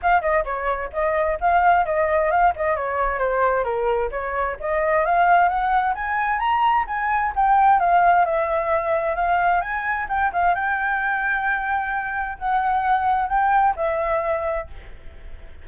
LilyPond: \new Staff \with { instrumentName = "flute" } { \time 4/4 \tempo 4 = 131 f''8 dis''8 cis''4 dis''4 f''4 | dis''4 f''8 dis''8 cis''4 c''4 | ais'4 cis''4 dis''4 f''4 | fis''4 gis''4 ais''4 gis''4 |
g''4 f''4 e''2 | f''4 gis''4 g''8 f''8 g''4~ | g''2. fis''4~ | fis''4 g''4 e''2 | }